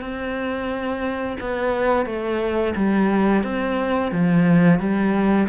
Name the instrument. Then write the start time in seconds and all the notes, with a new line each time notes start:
cello
0.00 C4
1.40 B3
2.05 A3
2.75 G3
3.43 C4
4.11 F3
4.79 G3